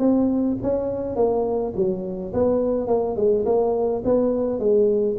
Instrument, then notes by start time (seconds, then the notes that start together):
tuba
0.00 C4
0.63 C#4
1.16 A#3
1.76 F#3
2.34 B3
2.88 A#3
3.17 G#3
3.46 A#3
4.05 B3
4.60 G#3